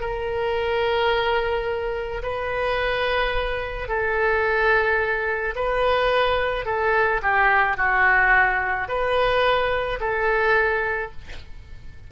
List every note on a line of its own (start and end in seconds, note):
0.00 2.22 A#4
2.23 3.88 B4
3.88 5.55 A4
5.56 6.66 B4
6.66 7.21 A4
7.22 7.77 G4
7.77 8.88 F#4
8.88 9.99 B4
10.01 11.12 A4